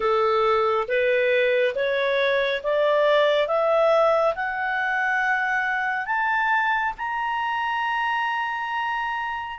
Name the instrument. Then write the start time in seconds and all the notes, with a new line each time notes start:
clarinet
0.00 A4
0.87 B4
1.75 C#5
2.63 D5
3.47 E5
4.35 F#5
6.06 A5
6.97 A#5